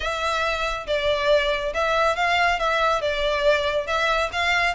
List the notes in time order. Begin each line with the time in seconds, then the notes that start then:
0.00 E5
0.87 D5
1.74 E5
2.16 F5
2.59 E5
3.01 D5
3.87 E5
4.32 F5